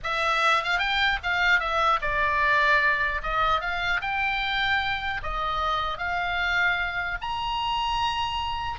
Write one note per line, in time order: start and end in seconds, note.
0.03 0.63 E5
0.63 0.78 F5
0.78 1.18 G5
1.23 1.59 F5
1.59 1.99 E5
2.01 3.21 D5
3.22 3.60 D#5
3.60 4.00 F5
4.01 5.21 G5
5.23 5.98 D#5
5.98 7.18 F5
7.21 8.79 A#5